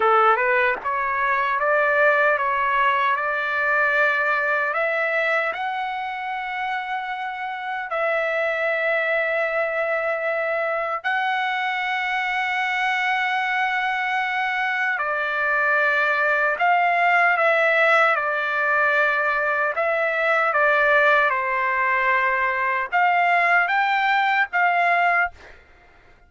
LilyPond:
\new Staff \with { instrumentName = "trumpet" } { \time 4/4 \tempo 4 = 76 a'8 b'8 cis''4 d''4 cis''4 | d''2 e''4 fis''4~ | fis''2 e''2~ | e''2 fis''2~ |
fis''2. d''4~ | d''4 f''4 e''4 d''4~ | d''4 e''4 d''4 c''4~ | c''4 f''4 g''4 f''4 | }